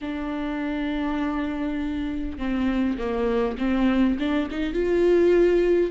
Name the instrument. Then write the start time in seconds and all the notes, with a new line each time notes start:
viola
0.01 D4
2.38 C4
2.97 A#3
3.58 C4
4.19 D4
4.50 D#4
4.73 F4